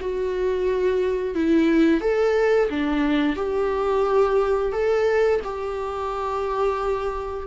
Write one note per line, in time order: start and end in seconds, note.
0.00 1.35 F#4
1.35 2.00 E4
2.00 2.68 A4
2.69 3.36 D4
3.36 4.72 G4
4.72 5.40 A4
5.44 7.47 G4